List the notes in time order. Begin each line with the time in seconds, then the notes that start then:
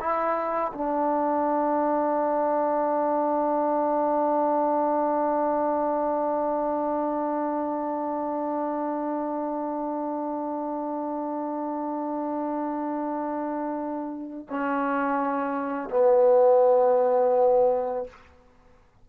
0.00 E4
0.74 D4
14.50 C#4
15.90 B3